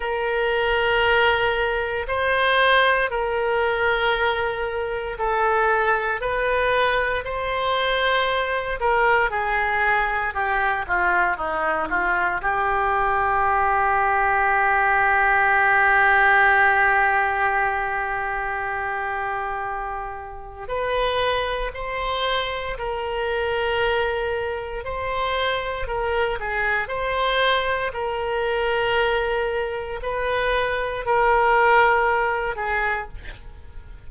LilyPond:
\new Staff \with { instrumentName = "oboe" } { \time 4/4 \tempo 4 = 58 ais'2 c''4 ais'4~ | ais'4 a'4 b'4 c''4~ | c''8 ais'8 gis'4 g'8 f'8 dis'8 f'8 | g'1~ |
g'1 | b'4 c''4 ais'2 | c''4 ais'8 gis'8 c''4 ais'4~ | ais'4 b'4 ais'4. gis'8 | }